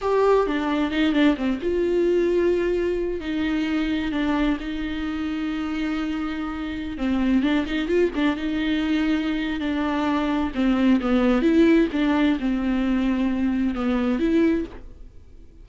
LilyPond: \new Staff \with { instrumentName = "viola" } { \time 4/4 \tempo 4 = 131 g'4 d'4 dis'8 d'8 c'8 f'8~ | f'2. dis'4~ | dis'4 d'4 dis'2~ | dis'2.~ dis'16 c'8.~ |
c'16 d'8 dis'8 f'8 d'8 dis'4.~ dis'16~ | dis'4 d'2 c'4 | b4 e'4 d'4 c'4~ | c'2 b4 e'4 | }